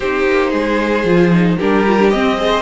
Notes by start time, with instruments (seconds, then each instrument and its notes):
0.00 cello C4, viola D#4, violin G4 C5
0.27 cello A#3
0.50 cello G#3, violin G#4
1.04 cello F3, viola F4
1.32 viola D#4
1.58 cello G3, viola D4, violin G4 A#4
1.87 viola F4
1.98 viola D4
2.10 viola C4, cello C4, violin D#5
2.36 viola G#4, violin C5